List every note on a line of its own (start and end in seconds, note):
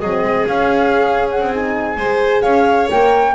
0.00 0.22 F#3
0.00 0.49 C4
0.00 1.97 G#4
0.00 0.46 D#5
0.22 0.46 G#3
0.48 1.40 C#4
0.48 1.52 C#4
0.48 1.29 F5
1.30 1.54 F#5
1.40 1.97 C4
1.52 1.98 D#4
1.52 2.42 G#5
1.97 2.43 G#3
1.97 2.91 G#4
1.97 2.42 C5
2.42 2.89 C#4
2.42 3.34 C#5
2.42 2.88 F5
2.91 3.35 A#3
2.91 3.35 A#4
2.91 3.35 G5